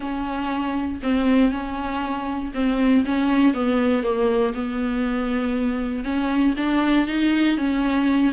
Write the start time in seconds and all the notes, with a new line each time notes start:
0.00 C#4
1.02 C4
1.51 C#4
2.54 C4
3.05 C#4
3.53 B3
4.03 A#3
4.54 B3
6.03 C#4
6.56 D4
7.07 D#4
7.57 C#4